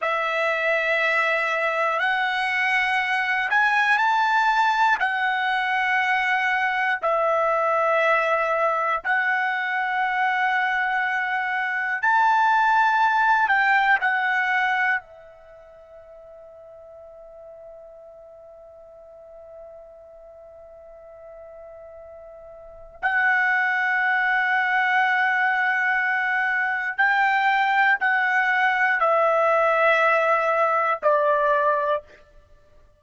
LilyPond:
\new Staff \with { instrumentName = "trumpet" } { \time 4/4 \tempo 4 = 60 e''2 fis''4. gis''8 | a''4 fis''2 e''4~ | e''4 fis''2. | a''4. g''8 fis''4 e''4~ |
e''1~ | e''2. fis''4~ | fis''2. g''4 | fis''4 e''2 d''4 | }